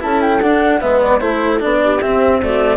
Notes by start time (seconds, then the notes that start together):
0.00 C#4 E4 A4 A5
0.22 G5
0.41 D4 F#5
0.81 G#3 B3 B4 E5
1.02 D5
1.20 A3 E4 A4 C5
1.60 B3 D4 D5
1.84 G4
2.02 C4 E5
2.42 A3 F#4 D5